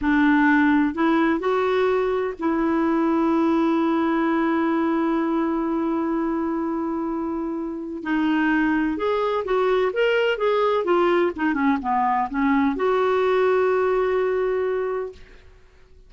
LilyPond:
\new Staff \with { instrumentName = "clarinet" } { \time 4/4 \tempo 4 = 127 d'2 e'4 fis'4~ | fis'4 e'2.~ | e'1~ | e'1~ |
e'4 dis'2 gis'4 | fis'4 ais'4 gis'4 f'4 | dis'8 cis'8 b4 cis'4 fis'4~ | fis'1 | }